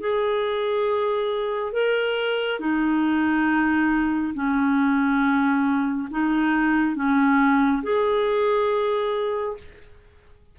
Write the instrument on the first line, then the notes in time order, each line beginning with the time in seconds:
clarinet
0.00 G#4
1.72 A#4
2.59 D#4
4.34 C#4
6.11 D#4
6.95 C#4
7.83 G#4